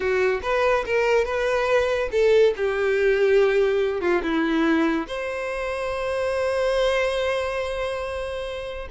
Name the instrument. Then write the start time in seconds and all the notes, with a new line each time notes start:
violin
0.00 F#4
0.42 B4
0.85 A#4
1.24 B4
2.11 A4
2.56 G4
4.00 F4
4.22 E4
5.07 C5